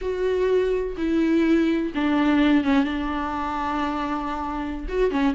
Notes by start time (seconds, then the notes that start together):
0.01 F#4
0.97 E4
1.94 D4
2.64 C#4
2.84 D4
4.88 F#4
5.10 C#4